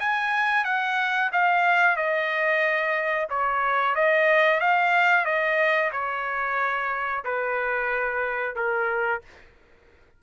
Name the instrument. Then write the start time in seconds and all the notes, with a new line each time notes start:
trumpet
0.00 G#5
0.65 F#5
1.33 F5
1.97 D#5
3.30 C#5
3.96 D#5
4.61 F5
5.25 D#5
5.93 C#5
7.25 B4
8.56 A#4